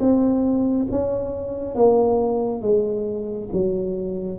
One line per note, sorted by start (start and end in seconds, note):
0.00 0.87 C4
0.91 1.75 C#4
1.75 2.62 A#3
2.62 3.49 G#3
3.53 4.39 F#3